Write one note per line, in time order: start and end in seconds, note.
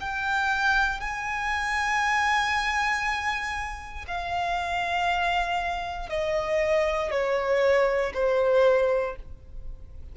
0.00 1.00 G5
1.00 4.05 G#5
4.07 6.09 F5
6.09 7.10 D#5
7.10 8.12 C#5
8.14 9.15 C5